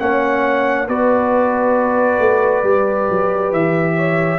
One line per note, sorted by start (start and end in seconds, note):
0.00 0.88 A#3
0.00 0.88 C#4
0.00 0.88 C#5
0.00 0.89 F#5
0.88 2.20 B3
0.88 2.65 F#4
0.88 3.97 B4
0.88 3.54 D5
2.20 2.64 A3
2.64 3.08 G3
2.64 4.39 G4
3.11 3.52 F#3
3.52 4.39 E3
3.52 4.39 E5
3.97 4.39 C#5